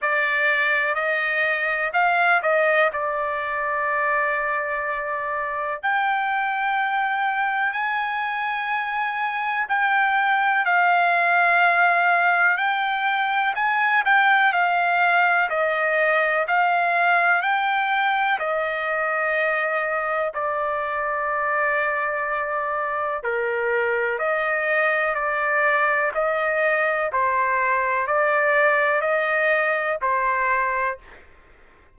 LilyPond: \new Staff \with { instrumentName = "trumpet" } { \time 4/4 \tempo 4 = 62 d''4 dis''4 f''8 dis''8 d''4~ | d''2 g''2 | gis''2 g''4 f''4~ | f''4 g''4 gis''8 g''8 f''4 |
dis''4 f''4 g''4 dis''4~ | dis''4 d''2. | ais'4 dis''4 d''4 dis''4 | c''4 d''4 dis''4 c''4 | }